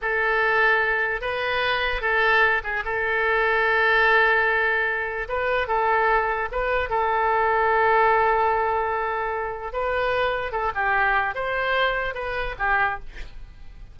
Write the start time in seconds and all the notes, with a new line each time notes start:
0.01 A4
1.21 B4
2.01 A4
2.63 G#4
2.85 A4
5.28 B4
5.67 A4
6.51 B4
6.89 A4
9.72 B4
10.51 A4
10.74 G4
11.34 C5
12.14 B4
12.59 G4